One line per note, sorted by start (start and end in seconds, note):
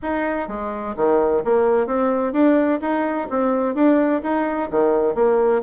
0.02 0.48 D#4
0.48 0.95 G#3
0.96 1.43 D#3
1.44 1.86 A#3
1.86 2.32 C4
2.32 2.79 D4
2.81 3.27 D#4
3.30 3.74 C4
3.74 4.21 D4
4.22 4.69 D#4
4.70 5.14 D#3
5.14 5.61 A#3